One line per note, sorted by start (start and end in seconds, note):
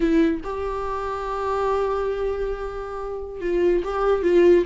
0.00 0.40 E4
0.43 3.40 G4
3.40 3.83 F4
3.84 4.22 G4
4.22 4.64 F4